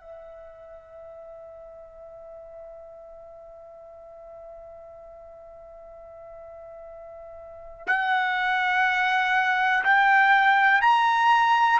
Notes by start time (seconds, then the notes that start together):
0.00 E5
7.87 F#5
9.84 G5
10.81 A#5